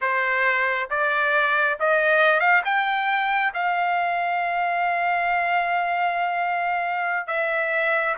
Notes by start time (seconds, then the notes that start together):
0.01 C5
0.90 D5
1.79 D#5
2.40 F5
2.65 G5
3.54 F5
7.27 E5